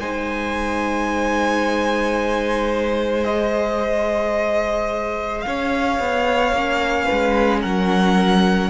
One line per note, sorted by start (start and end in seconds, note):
0.00 5.45 G#3
0.00 3.27 D#4
0.00 5.46 C5
0.00 3.25 G#5
3.25 6.55 G#4
3.25 5.42 D#5
5.42 6.00 C#4
5.42 7.05 C#5
5.42 7.60 F5
6.00 6.53 B3
6.53 7.07 A#3
6.53 8.70 C#4
7.05 7.60 B4
7.12 7.65 G#3
7.61 8.70 F#3
7.61 8.70 A#4
7.61 8.70 F#5